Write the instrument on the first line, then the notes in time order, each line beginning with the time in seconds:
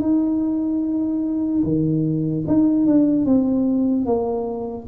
tuba
0.00 D#4
1.63 D#3
2.47 D#4
2.86 D4
3.25 C4
4.05 A#3